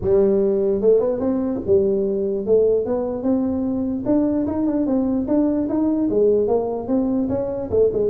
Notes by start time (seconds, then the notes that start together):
0.01 G3
0.81 A3
1.00 B3
1.20 C4
1.66 G3
2.45 A3
2.85 B3
3.22 C4
4.05 D4
4.46 D#4
4.66 D4
4.86 C4
5.27 D4
5.68 D#4
6.10 G#3
6.47 A#3
6.87 C4
7.29 C#4
7.70 A3
7.92 G#3